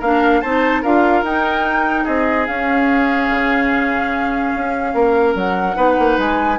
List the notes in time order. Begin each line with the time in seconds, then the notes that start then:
0.00 A#3 D4 A#4 F5
0.42 C4 D#4 C5 A5
0.83 D4 F4 A#4 F5
1.23 D#4 G5
2.05 C4 G#4 D#5
2.48 C#4 F5
3.30 C#3
4.56 C#4
4.95 A#3 A#4
5.35 F#3 F#5
5.76 B3 D#4 B4
5.99 A#3
6.19 G#3 G#5